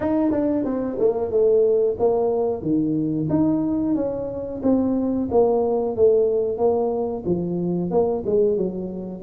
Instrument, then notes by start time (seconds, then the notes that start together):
tuba
0.00 D#4
0.31 D4
0.64 C4
0.99 A#3
1.31 A3
1.99 A#3
2.62 D#3
3.29 D#4
3.95 C#4
4.62 C4
5.31 A#3
5.96 A3
6.57 A#3
7.25 F3
7.90 A#3
8.25 G#3
8.57 F#3